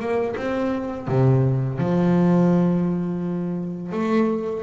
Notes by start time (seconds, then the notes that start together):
0.00 A#3
0.36 C4
1.07 C3
1.78 F3
3.92 A3